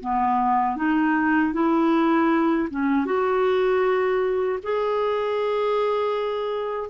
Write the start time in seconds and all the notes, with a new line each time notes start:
0.00 B3
0.76 D#4
1.53 E4
2.70 C#4
3.05 F#4
4.63 G#4